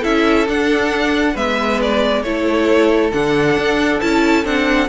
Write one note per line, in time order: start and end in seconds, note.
0.00 0.48 C#4
0.00 0.46 E4
0.00 1.32 A4
0.00 0.48 E5
0.48 1.35 D4
0.48 1.36 D4
0.48 1.36 F#5
1.33 2.24 G#3
1.33 2.24 B3
1.33 2.21 B4
1.33 1.81 E5
1.82 2.23 D5
2.23 3.12 A3
2.23 3.12 E4
2.23 4.89 A4
2.23 3.11 C#5
3.12 3.57 D3
3.12 4.00 D4
3.12 4.00 F#5
3.57 4.01 D4
4.00 4.45 C#4
4.00 4.44 E4
4.00 4.44 A5
4.44 4.89 C4
4.44 4.88 D4
4.44 4.89 F#5